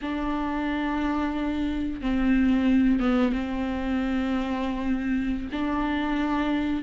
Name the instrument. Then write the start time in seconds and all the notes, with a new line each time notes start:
viola
0.01 D4
2.01 C4
2.99 B3
3.32 C4
5.52 D4